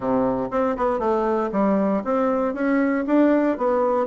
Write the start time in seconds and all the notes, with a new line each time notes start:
0.00 C3
0.51 C4
0.76 B3
0.99 A3
1.51 G3
2.04 C4
2.54 C#4
3.06 D4
3.57 B3